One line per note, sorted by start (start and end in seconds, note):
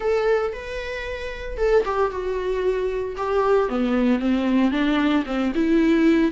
0.00 0.52 A4
0.52 1.57 B4
1.57 1.83 A4
1.85 2.11 G4
2.11 3.16 F#4
3.17 3.68 G4
3.68 4.19 B3
4.19 4.71 C4
4.71 5.23 D4
5.26 5.52 C4
5.54 6.31 E4